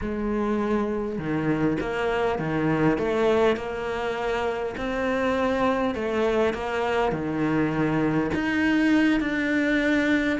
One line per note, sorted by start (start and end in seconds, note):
0.01 1.18 G#3
1.18 1.77 D#3
1.80 2.38 A#3
2.38 2.98 D#3
2.98 3.56 A3
3.56 4.75 A#3
4.77 5.95 C4
5.95 6.53 A3
6.53 7.12 A#3
7.12 8.31 D#3
8.34 9.20 D#4
9.20 10.39 D4